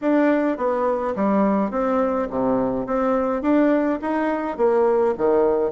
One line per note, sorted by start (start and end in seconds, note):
0.01 0.57 D4
0.57 1.14 B3
1.15 1.71 G3
1.71 2.28 C4
2.30 2.86 C3
2.86 3.42 C4
3.42 3.99 D4
4.01 4.57 D#4
4.57 5.14 A#3
5.17 5.71 D#3